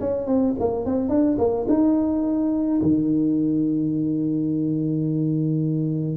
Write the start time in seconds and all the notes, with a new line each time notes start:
0.00 C#4
0.27 C4
0.59 A#3
0.85 C4
1.09 D4
1.38 A#3
1.68 D#4
2.81 D#3